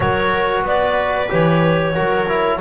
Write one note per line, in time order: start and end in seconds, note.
0.00 0.62 F#3
0.00 1.28 F#4
0.00 0.66 A#4
0.00 0.65 C#5
0.62 1.27 B3
0.62 1.94 B4
0.62 1.31 D5
1.28 1.97 E3
1.28 1.93 G4
1.28 2.60 C#5
1.94 2.60 F#3
1.94 2.27 F#4
1.94 2.59 A#4
2.28 2.60 E4